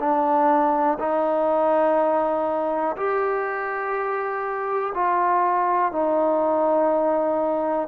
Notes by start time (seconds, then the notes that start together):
0.00 D4
1.00 D#4
2.97 G4
4.95 F4
5.92 D#4